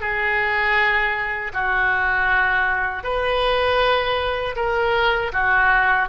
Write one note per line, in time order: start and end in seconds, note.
0.00 1.52 G#4
1.53 3.03 F#4
3.03 4.55 B4
4.56 5.32 A#4
5.32 6.08 F#4